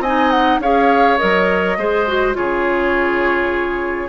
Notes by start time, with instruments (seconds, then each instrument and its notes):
0.00 bassoon C4, oboe D#5, flute G#5
0.06 clarinet D#4
0.31 flute F#5
0.59 bassoon C#4, clarinet G#4, oboe C#5, flute F5
1.18 bassoon F#3, clarinet A#4, flute D#5
1.78 bassoon G#3, clarinet G#4, oboe C5
2.08 clarinet F#4
2.34 bassoon C#3, clarinet F4, oboe G#4, flute C#5